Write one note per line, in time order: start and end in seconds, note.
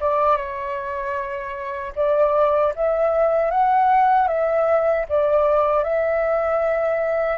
0.00 0.36 D5
0.36 1.92 C#5
1.95 2.73 D5
2.76 3.51 E5
3.51 4.28 F#5
4.28 5.05 E5
5.09 5.83 D5
5.83 7.38 E5